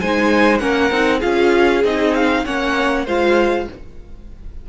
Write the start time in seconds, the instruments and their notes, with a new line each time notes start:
0.00 cello G#3, viola D#4, violin C5 G#5
0.58 cello A#3, viola C#4, violin A#4 F#5
0.91 cello C4, viola D#4
1.19 cello C#4, viola F4, violin G#4 F5
1.84 cello C4, viola D#4, violin D#5
2.14 violin F5
2.45 cello A#3, viola C#4, violin C#5 F#5
3.05 cello G#3, viola F4, violin C5 F5